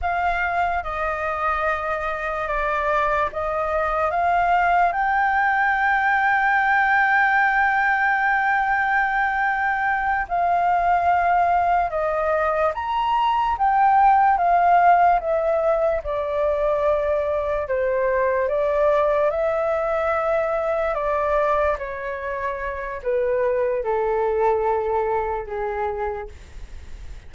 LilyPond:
\new Staff \with { instrumentName = "flute" } { \time 4/4 \tempo 4 = 73 f''4 dis''2 d''4 | dis''4 f''4 g''2~ | g''1~ | g''8 f''2 dis''4 ais''8~ |
ais''8 g''4 f''4 e''4 d''8~ | d''4. c''4 d''4 e''8~ | e''4. d''4 cis''4. | b'4 a'2 gis'4 | }